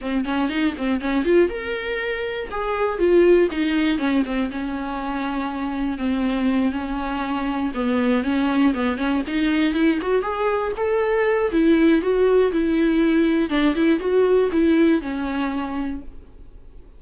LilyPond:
\new Staff \with { instrumentName = "viola" } { \time 4/4 \tempo 4 = 120 c'8 cis'8 dis'8 c'8 cis'8 f'8 ais'4~ | ais'4 gis'4 f'4 dis'4 | cis'8 c'8 cis'2. | c'4. cis'2 b8~ |
b8 cis'4 b8 cis'8 dis'4 e'8 | fis'8 gis'4 a'4. e'4 | fis'4 e'2 d'8 e'8 | fis'4 e'4 cis'2 | }